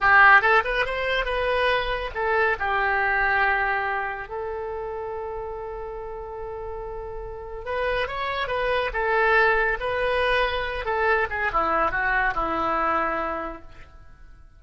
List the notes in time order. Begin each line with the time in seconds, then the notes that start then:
0.00 G4
0.41 A4
0.64 B4
0.85 C5
1.25 B4
2.14 A4
2.59 G4
4.28 A4
7.65 B4
8.07 C#5
8.47 B4
8.93 A4
9.79 B4
10.85 A4
11.30 G#4
11.52 E4
11.91 F#4
12.34 E4